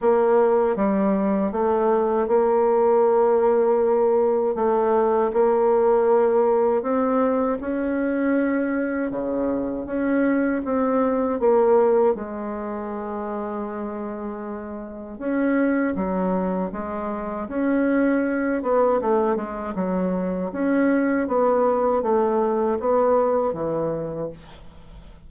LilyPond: \new Staff \with { instrumentName = "bassoon" } { \time 4/4 \tempo 4 = 79 ais4 g4 a4 ais4~ | ais2 a4 ais4~ | ais4 c'4 cis'2 | cis4 cis'4 c'4 ais4 |
gis1 | cis'4 fis4 gis4 cis'4~ | cis'8 b8 a8 gis8 fis4 cis'4 | b4 a4 b4 e4 | }